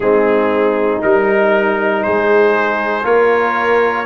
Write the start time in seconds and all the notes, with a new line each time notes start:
0.00 G#3 C4 D#4 G#4
1.01 G3 D#4 A#4
2.03 G#3 G#4 C5
3.03 A#3 F4 A#4 C#5